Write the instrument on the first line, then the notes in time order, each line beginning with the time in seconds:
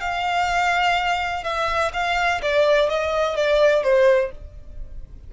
violin
0.00 F5
1.43 E5
1.93 F5
2.42 D5
2.89 D#5
3.36 D5
3.83 C5